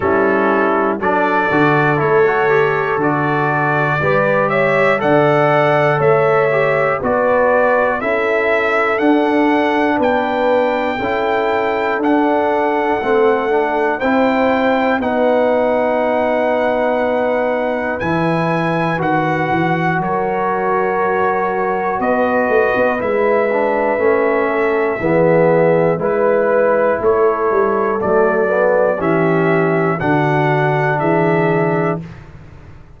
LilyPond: <<
  \new Staff \with { instrumentName = "trumpet" } { \time 4/4 \tempo 4 = 60 a'4 d''4 cis''4 d''4~ | d''8 e''8 fis''4 e''4 d''4 | e''4 fis''4 g''2 | fis''2 g''4 fis''4~ |
fis''2 gis''4 fis''4 | cis''2 dis''4 e''4~ | e''2 b'4 cis''4 | d''4 e''4 fis''4 e''4 | }
  \new Staff \with { instrumentName = "horn" } { \time 4/4 e'4 a'2. | b'8 cis''8 d''4 cis''4 b'4 | a'2 b'4 a'4~ | a'2 c''4 b'4~ |
b'1 | ais'2 b'2~ | b'8 a'8 gis'4 b'4 a'4~ | a'4 g'4 fis'4 gis'4 | }
  \new Staff \with { instrumentName = "trombone" } { \time 4/4 cis'4 d'8 fis'8 e'16 fis'16 g'8 fis'4 | g'4 a'4. g'8 fis'4 | e'4 d'2 e'4 | d'4 c'8 d'8 e'4 dis'4~ |
dis'2 e'4 fis'4~ | fis'2. e'8 d'8 | cis'4 b4 e'2 | a8 b8 cis'4 d'2 | }
  \new Staff \with { instrumentName = "tuba" } { \time 4/4 g4 fis8 d8 a4 d4 | g4 d4 a4 b4 | cis'4 d'4 b4 cis'4 | d'4 a4 c'4 b4~ |
b2 e4 dis8 e8 | fis2 b8 a16 b16 gis4 | a4 e4 gis4 a8 g8 | fis4 e4 d4 e4 | }
>>